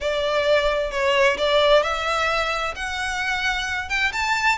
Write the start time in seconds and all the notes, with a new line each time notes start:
0.00 D5
0.91 C#5
1.37 D5
1.82 E5
2.75 F#5
3.89 G5
4.12 A5